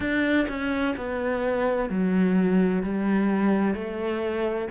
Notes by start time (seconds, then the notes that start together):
0.00 D4
0.48 C#4
0.96 B3
1.89 F#3
2.83 G3
3.74 A3